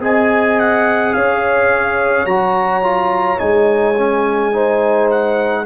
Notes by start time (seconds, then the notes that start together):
0.00 C4 G#4 D#5 G#5
0.59 F#5
1.14 C#4 C#5 F5
2.25 F#3 F#4 A#5
2.83 F4
3.38 G#3 D#4 G#5
3.97 C#4
4.52 D#4 C5
5.10 F#5